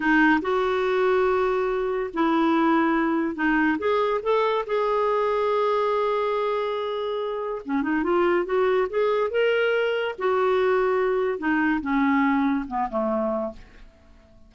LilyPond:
\new Staff \with { instrumentName = "clarinet" } { \time 4/4 \tempo 4 = 142 dis'4 fis'2.~ | fis'4 e'2. | dis'4 gis'4 a'4 gis'4~ | gis'1~ |
gis'2 cis'8 dis'8 f'4 | fis'4 gis'4 ais'2 | fis'2. dis'4 | cis'2 b8 a4. | }